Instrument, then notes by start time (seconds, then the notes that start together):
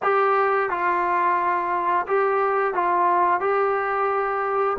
trombone
0.02 G4
0.69 F4
2.06 G4
2.73 F4
3.40 G4